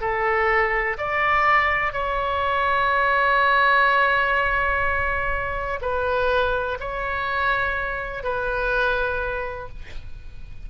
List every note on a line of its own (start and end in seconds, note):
0.00 0.97 A4
0.98 1.92 D5
1.92 5.79 C#5
5.81 6.78 B4
6.80 8.23 C#5
8.23 9.68 B4